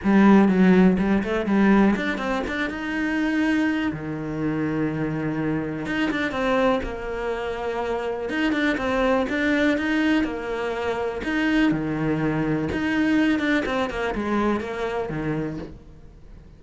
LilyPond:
\new Staff \with { instrumentName = "cello" } { \time 4/4 \tempo 4 = 123 g4 fis4 g8 a8 g4 | d'8 c'8 d'8 dis'2~ dis'8 | dis1 | dis'8 d'8 c'4 ais2~ |
ais4 dis'8 d'8 c'4 d'4 | dis'4 ais2 dis'4 | dis2 dis'4. d'8 | c'8 ais8 gis4 ais4 dis4 | }